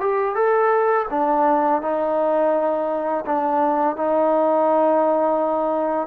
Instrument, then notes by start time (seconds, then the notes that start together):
trombone
0.00 G4
0.35 A4
1.10 D4
1.82 D#4
3.26 D4
3.96 D#4